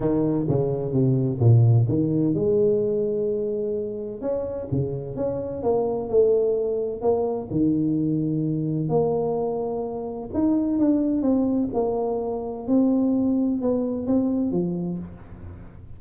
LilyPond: \new Staff \with { instrumentName = "tuba" } { \time 4/4 \tempo 4 = 128 dis4 cis4 c4 ais,4 | dis4 gis2.~ | gis4 cis'4 cis4 cis'4 | ais4 a2 ais4 |
dis2. ais4~ | ais2 dis'4 d'4 | c'4 ais2 c'4~ | c'4 b4 c'4 f4 | }